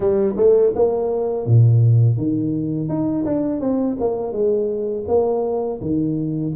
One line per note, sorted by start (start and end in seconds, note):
0.00 0.35 G3
0.36 0.72 A3
0.75 1.46 A#3
1.46 2.17 A#2
2.17 2.88 D#3
2.88 3.25 D#4
3.25 3.60 D4
3.60 3.96 C4
4.00 4.32 A#3
4.32 5.04 G#3
5.07 5.80 A#3
5.81 6.53 D#3